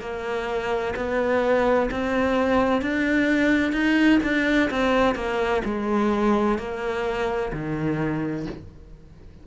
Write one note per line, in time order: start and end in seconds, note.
0.00 0.94 A#3
0.96 1.90 B3
1.90 2.82 C4
2.82 3.72 D4
3.72 4.19 D#4
4.23 4.70 D4
4.70 5.15 C4
5.15 5.62 A#3
5.65 6.58 G#3
6.58 7.52 A#3
7.53 8.46 D#3